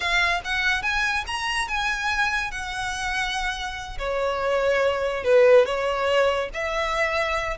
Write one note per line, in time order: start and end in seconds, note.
0.00 0.41 F5
0.44 0.82 F#5
0.82 1.24 G#5
1.26 1.67 A#5
1.67 2.51 G#5
2.51 3.98 F#5
3.98 5.24 C#5
5.24 5.65 B4
5.65 6.49 C#5
6.53 7.57 E5